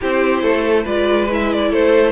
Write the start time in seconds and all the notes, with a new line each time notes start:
0.01 C4 E4 G4 C5
0.42 A3 A4
0.83 G#3 F4 B4 D5
1.30 E4 E5
1.52 D5
1.70 A3 A4 C5